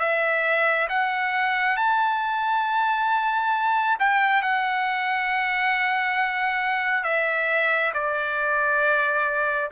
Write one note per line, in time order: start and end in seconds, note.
0.00 0.88 E5
0.89 1.76 F#5
1.76 3.97 A5
3.99 4.42 G5
4.42 7.04 F#5
7.04 7.93 E5
7.94 9.71 D5